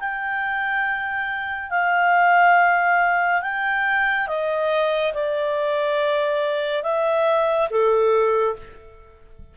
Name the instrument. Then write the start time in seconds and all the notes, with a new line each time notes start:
clarinet
0.00 G5
1.70 F5
3.42 G5
4.27 D#5
5.14 D5
6.83 E5
7.70 A4